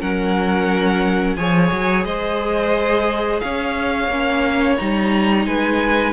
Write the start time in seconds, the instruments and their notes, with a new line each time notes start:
0.00 cello F#3, viola C#4, violin A#4 F#5
1.36 cello F3, viola G#4, violin C#5 G#5
1.71 cello F#3
2.04 cello G#3, violin C5 D#5
3.40 cello C#4, violin C#5 F5
4.08 cello A#3, viola C#4
4.77 cello G3, viola D#4, violin A#5
5.46 cello G#3, violin B4 G#5